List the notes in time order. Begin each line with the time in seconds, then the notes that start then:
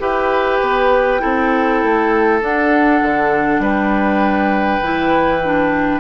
0.00 E4 G4 B4 G5
0.61 B3
1.20 C4 E4 A4
1.83 A3
2.41 D4 F#5
3.02 D3
3.60 G3 B4 G5
4.82 E3 E4
5.44 D4